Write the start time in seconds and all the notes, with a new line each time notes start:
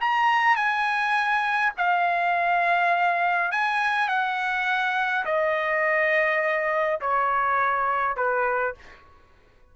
0.00 A#5
0.56 G#5
1.77 F5
3.51 G#5
4.08 F#5
5.25 D#5
7.00 C#5
8.16 B4